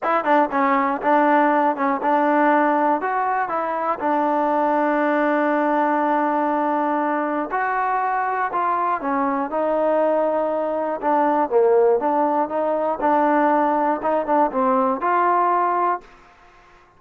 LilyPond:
\new Staff \with { instrumentName = "trombone" } { \time 4/4 \tempo 4 = 120 e'8 d'8 cis'4 d'4. cis'8 | d'2 fis'4 e'4 | d'1~ | d'2. fis'4~ |
fis'4 f'4 cis'4 dis'4~ | dis'2 d'4 ais4 | d'4 dis'4 d'2 | dis'8 d'8 c'4 f'2 | }